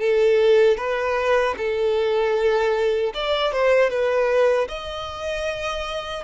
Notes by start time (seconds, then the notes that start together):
0.00 A4
0.77 B4
1.58 A4
3.15 D5
3.52 C5
3.90 B4
4.68 D#5